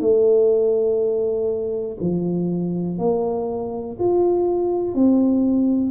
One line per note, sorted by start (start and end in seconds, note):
0.00 1.97 A3
2.00 2.98 F3
2.98 3.96 A#3
3.99 4.94 F4
4.94 5.90 C4